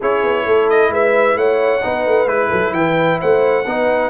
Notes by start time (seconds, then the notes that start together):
0.00 C#4 E4 G#4 C#5
0.23 B3
0.45 A3 A4
0.69 D#5
0.89 G#3 B4 E5
1.35 A3 C#5 F#5
1.81 B3 D#4 B4
2.06 A3
2.25 G#3 E4 B4
2.50 F#3 A4
2.72 E3 B4 G5
3.20 A3 C5 F#5
3.65 B3 D#4 B4